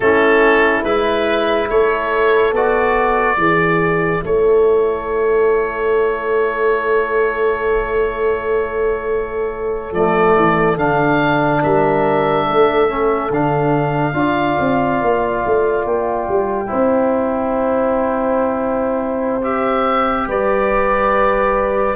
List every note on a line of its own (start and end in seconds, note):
0.00 0.82 A3
0.00 0.85 C#4
0.00 1.70 E4
0.00 0.83 A4
0.83 1.67 G#3
0.83 2.54 E4
0.83 1.68 B4
1.69 2.52 A3
1.69 3.38 A4
1.69 2.54 C#5
2.52 3.36 B3
2.52 3.37 F#4
2.52 4.24 D5
3.36 4.21 E3
3.36 9.92 E4
3.36 4.22 G#4
4.23 9.91 A3
4.23 11.61 A4
4.23 9.93 C#5
9.91 10.33 F3
9.91 10.77 A3
9.91 10.77 D5
10.36 10.77 E3
10.77 11.61 D3
10.77 12.88 D4
10.77 11.62 F5
11.61 12.48 G3
11.61 12.45 A#4
11.61 13.32 E5
12.47 13.30 A3
12.47 14.16 A4
12.88 13.30 C#4
13.30 14.13 D3
13.30 14.13 D4
13.30 15.86 F5
14.13 14.55 D4
14.13 16.67 F4
14.13 16.69 D5
14.59 15.01 C4
15.01 15.43 A#3
15.45 15.85 A3
15.85 16.27 A#3
15.85 19.43 G5
16.28 16.70 G3
16.67 20.27 C4
16.67 19.41 E4
16.67 20.27 C5
19.42 21.95 G4
19.42 20.27 E5
20.27 21.95 G3
20.27 21.95 B4
20.27 21.95 D5